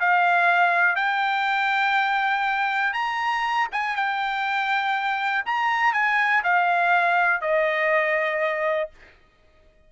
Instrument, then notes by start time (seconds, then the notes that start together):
trumpet
0.00 F5
0.96 G5
2.93 A#5
3.72 G#5
3.96 G5
5.46 A#5
5.93 G#5
6.43 F5
7.41 D#5